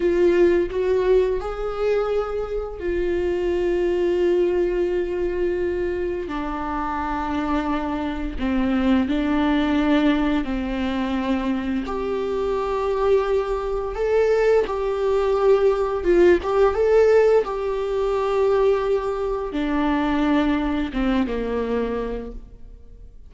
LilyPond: \new Staff \with { instrumentName = "viola" } { \time 4/4 \tempo 4 = 86 f'4 fis'4 gis'2 | f'1~ | f'4 d'2. | c'4 d'2 c'4~ |
c'4 g'2. | a'4 g'2 f'8 g'8 | a'4 g'2. | d'2 c'8 ais4. | }